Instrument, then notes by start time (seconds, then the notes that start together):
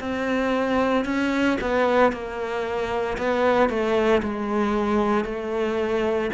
cello
0.00 C4
1.05 C#4
1.61 B3
2.12 A#3
3.18 B3
3.69 A3
4.22 G#3
5.25 A3